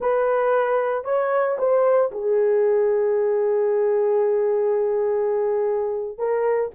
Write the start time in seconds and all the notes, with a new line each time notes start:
0.00 B4
1.04 C#5
1.58 C5
2.11 G#4
6.18 A#4